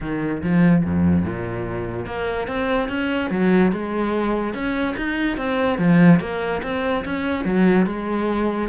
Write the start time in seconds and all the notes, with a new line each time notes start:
0.01 D#3
0.43 F3
0.85 F2
1.25 A#2
2.06 A#3
2.47 C4
2.89 C#4
3.30 F#3
3.72 G#3
4.53 C#4
4.97 D#4
5.37 C4
5.78 F3
6.20 A#3
6.62 C4
7.04 C#4
7.45 F#3
7.86 G#3